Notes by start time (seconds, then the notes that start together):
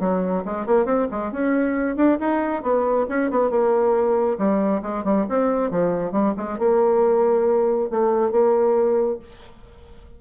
0.00 F#3
0.45 G#3
0.66 A#3
0.86 C4
1.11 G#3
1.32 C#4
1.96 D4
2.20 D#4
2.63 B3
3.09 C#4
3.30 B3
3.50 A#3
4.38 G3
4.82 G#3
5.04 G3
5.29 C4
5.71 F3
6.12 G3
6.37 G#3
6.59 A#3
7.91 A3
8.32 A#3